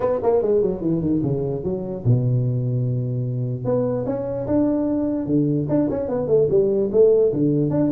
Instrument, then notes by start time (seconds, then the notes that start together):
tuba
0.00 B3
0.22 A#3
0.42 G#3
0.62 F#3
0.81 E3
1.01 D#3
1.23 C#3
1.63 F#3
2.05 B2
3.64 B3
4.05 C#4
4.46 D4
5.25 D3
5.68 D4
5.90 C#4
6.08 B3
6.27 A3
6.49 G3
6.92 A3
7.32 D3
7.70 D4